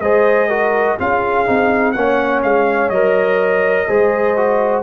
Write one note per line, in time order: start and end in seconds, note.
0.00 0.97 G#3
0.00 0.49 G#4
0.00 0.48 C5
0.00 0.98 D#5
0.48 0.98 F#4
0.48 0.97 A#4
0.98 1.48 C#4
0.98 1.46 F4
0.98 1.96 G#4
0.98 1.92 F5
1.46 1.96 C4
1.46 1.94 D#4
1.92 2.44 A#3
1.92 2.93 C#4
1.92 3.88 C#5
1.92 2.40 F#5
2.43 2.90 G#3
2.43 2.90 F5
2.90 3.87 F#3
2.90 3.88 A#4
2.90 4.83 D#5
3.88 4.83 G#3
3.88 4.36 G#4
3.88 4.83 C5
4.36 4.83 F#4